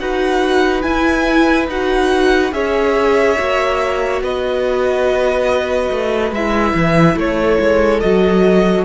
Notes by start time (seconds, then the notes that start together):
0.00 D#4 F#4 B4 F#5
0.82 E4 G#5
1.68 D#4 F#4 F#5
2.52 C#4 G#4 C#5 E5
3.37 A#3 F#4
4.22 B3 B4 D#5
5.92 A3
6.32 G#3 E4 E5
6.74 E3
7.16 A3 A4 C#5
7.61 G#3
8.01 F#3 F#4 D#5